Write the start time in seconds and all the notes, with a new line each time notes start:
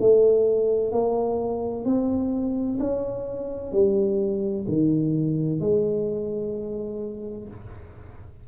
0.00 A3
0.92 A#3
1.85 C4
2.80 C#4
3.72 G3
4.68 D#3
5.60 G#3